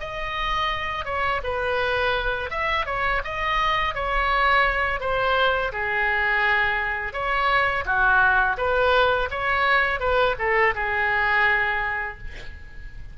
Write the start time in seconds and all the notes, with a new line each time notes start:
0.00 D#5
1.05 C#5
1.44 B4
2.50 E5
2.86 C#5
3.24 D#5
3.95 C#5
5.00 C5
5.72 G#4
7.13 C#5
7.85 F#4
8.57 B4
9.31 C#5
10.00 B4
10.39 A4
10.75 G#4